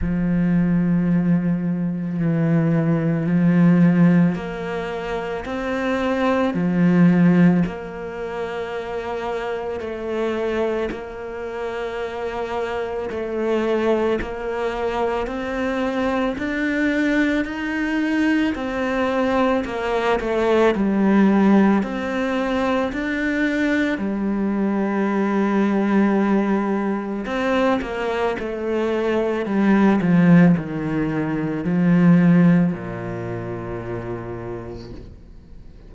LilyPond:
\new Staff \with { instrumentName = "cello" } { \time 4/4 \tempo 4 = 55 f2 e4 f4 | ais4 c'4 f4 ais4~ | ais4 a4 ais2 | a4 ais4 c'4 d'4 |
dis'4 c'4 ais8 a8 g4 | c'4 d'4 g2~ | g4 c'8 ais8 a4 g8 f8 | dis4 f4 ais,2 | }